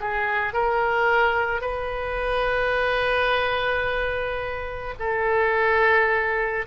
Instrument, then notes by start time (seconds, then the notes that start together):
oboe
0.00 G#4
0.54 A#4
1.61 B4
4.99 A4